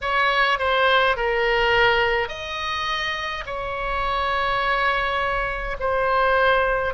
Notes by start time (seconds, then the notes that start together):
0.01 C#5
0.58 C5
1.16 A#4
2.28 D#5
3.46 C#5
5.80 C5